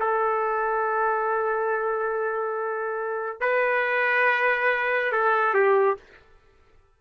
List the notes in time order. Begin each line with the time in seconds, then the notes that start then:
0.00 A4
3.41 B4
5.12 A4
5.54 G4